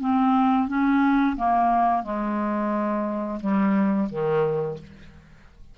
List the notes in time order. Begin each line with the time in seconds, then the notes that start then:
0.00 C4
0.68 C#4
1.36 A#3
2.03 G#3
3.40 G3
4.09 D#3